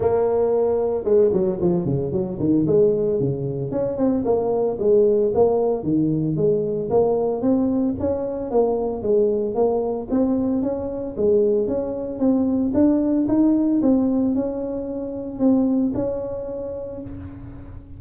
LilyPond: \new Staff \with { instrumentName = "tuba" } { \time 4/4 \tempo 4 = 113 ais2 gis8 fis8 f8 cis8 | fis8 dis8 gis4 cis4 cis'8 c'8 | ais4 gis4 ais4 dis4 | gis4 ais4 c'4 cis'4 |
ais4 gis4 ais4 c'4 | cis'4 gis4 cis'4 c'4 | d'4 dis'4 c'4 cis'4~ | cis'4 c'4 cis'2 | }